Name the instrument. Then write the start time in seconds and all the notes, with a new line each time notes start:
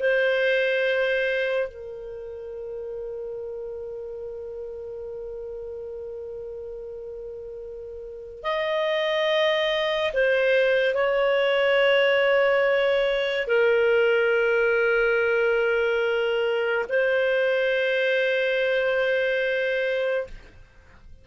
clarinet
0.00 C5
1.68 A#4
8.43 D#5
10.14 C5
10.95 C#5
13.48 A#4
16.89 C5